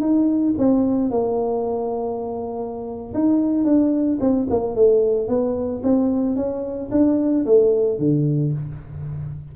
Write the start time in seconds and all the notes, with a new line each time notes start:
0.00 D#4
0.57 C4
1.10 A#3
3.14 D#4
3.64 D4
4.20 C4
4.50 A#3
4.75 A3
5.28 B3
5.83 C4
6.36 C#4
6.91 D4
7.45 A3
7.98 D3